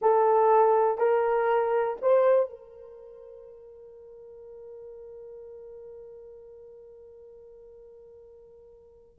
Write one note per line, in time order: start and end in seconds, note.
0.01 0.97 A4
0.97 1.97 A#4
2.01 2.49 C5
2.49 9.18 A#4